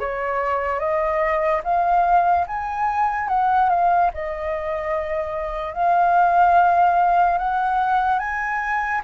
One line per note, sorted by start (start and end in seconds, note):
0.00 0.80 C#5
0.80 1.62 D#5
1.64 2.46 F5
2.47 3.29 G#5
3.29 3.70 F#5
3.70 4.11 F5
4.14 5.74 D#5
5.74 7.39 F5
7.39 8.19 F#5
8.19 9.01 G#5